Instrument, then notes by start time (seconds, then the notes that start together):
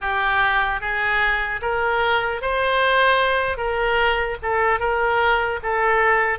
oboe
0.01 G4
0.80 G#4
1.61 A#4
2.41 C5
3.57 A#4
4.42 A4
4.79 A#4
5.63 A4